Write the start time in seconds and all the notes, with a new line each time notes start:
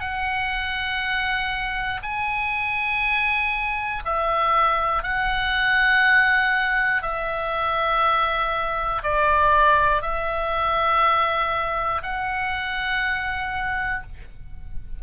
0.00 F#5
2.03 G#5
4.05 E5
5.03 F#5
7.02 E5
9.03 D5
10.02 E5
12.02 F#5